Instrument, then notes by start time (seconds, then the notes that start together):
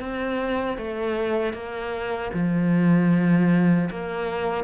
cello
0.00 C4
0.77 A3
1.53 A#3
2.33 F3
3.90 A#3